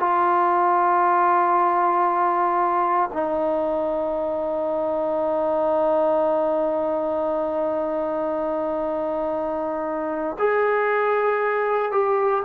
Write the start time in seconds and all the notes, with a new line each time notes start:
0.00 F4
3.13 D#4
10.39 G#4
11.92 G4